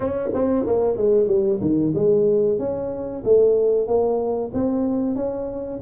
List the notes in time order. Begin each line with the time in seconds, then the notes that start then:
0.00 C#4
0.33 C4
0.66 A#3
0.96 G#3
1.27 G3
1.60 D#3
1.94 G#3
2.58 C#4
3.24 A3
3.87 A#3
4.53 C4
5.15 C#4